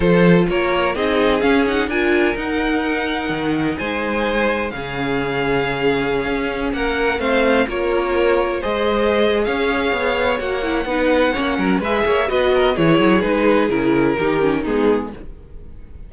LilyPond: <<
  \new Staff \with { instrumentName = "violin" } { \time 4/4 \tempo 4 = 127 c''4 cis''4 dis''4 f''8 fis''8 | gis''4 fis''2. | gis''2 f''2~ | f''2~ f''16 fis''4 f''8.~ |
f''16 cis''2 dis''4.~ dis''16 | f''2 fis''2~ | fis''4 e''4 dis''4 cis''4 | b'4 ais'2 gis'4 | }
  \new Staff \with { instrumentName = "violin" } { \time 4/4 a'4 ais'4 gis'2 | ais'1 | c''2 gis'2~ | gis'2~ gis'16 ais'4 c''8.~ |
c''16 ais'2 c''4.~ c''16 | cis''2. b'4 | cis''8 ais'8 b'8 cis''8 b'8 ais'8 gis'4~ | gis'2 g'4 dis'4 | }
  \new Staff \with { instrumentName = "viola" } { \time 4/4 f'2 dis'4 cis'8 dis'8 | f'4 dis'2.~ | dis'2 cis'2~ | cis'2.~ cis'16 c'8.~ |
c'16 f'2 gis'4.~ gis'16~ | gis'2 fis'8 e'8 dis'4 | cis'4 gis'4 fis'4 e'4 | dis'4 e'4 dis'8 cis'8 b4 | }
  \new Staff \with { instrumentName = "cello" } { \time 4/4 f4 ais4 c'4 cis'4 | d'4 dis'2 dis4 | gis2 cis2~ | cis4~ cis16 cis'4 ais4 a8.~ |
a16 ais2 gis4.~ gis16 | cis'4 b4 ais4 b4 | ais8 fis8 gis8 ais8 b4 e8 fis8 | gis4 cis4 dis4 gis4 | }
>>